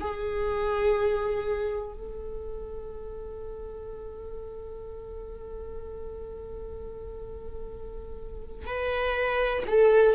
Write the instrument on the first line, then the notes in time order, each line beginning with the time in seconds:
viola
0.00 G#4
1.94 A4
8.67 B4
9.67 A4